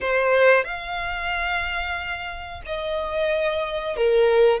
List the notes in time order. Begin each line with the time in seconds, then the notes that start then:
0.01 C5
0.64 F5
2.66 D#5
3.96 A#4